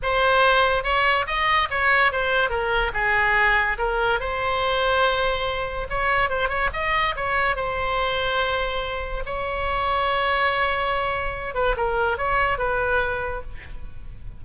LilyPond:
\new Staff \with { instrumentName = "oboe" } { \time 4/4 \tempo 4 = 143 c''2 cis''4 dis''4 | cis''4 c''4 ais'4 gis'4~ | gis'4 ais'4 c''2~ | c''2 cis''4 c''8 cis''8 |
dis''4 cis''4 c''2~ | c''2 cis''2~ | cis''2.~ cis''8 b'8 | ais'4 cis''4 b'2 | }